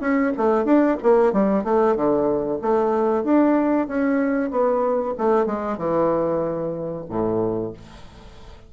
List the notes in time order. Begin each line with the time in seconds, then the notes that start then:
0.00 C#4
0.37 A3
0.64 D4
1.02 A#3
1.32 G3
1.64 A3
1.96 D3
2.61 A3
3.24 D4
3.87 C#4
4.50 B3
5.18 A3
5.45 G#3
5.77 E3
7.09 A2